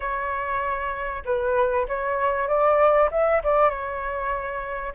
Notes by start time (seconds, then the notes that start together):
0.00 C#5
1.25 B4
1.88 C#5
2.47 D5
3.11 E5
3.43 D5
3.69 C#5